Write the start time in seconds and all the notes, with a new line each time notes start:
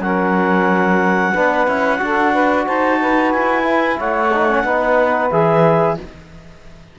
0.00 F#3 C#4 A#4 F#5
1.33 B3 D4 B4
1.67 C#4 E4
1.98 D4 F#4
2.05 A4
2.32 B4
2.66 D#4 C5 A5
3.01 B4
3.32 E4 G#5
3.63 E4
3.98 A3 C#5 F#5
4.34 D#4
4.49 C#4
4.64 B3 D#4 B4
5.30 E3 G#4 E5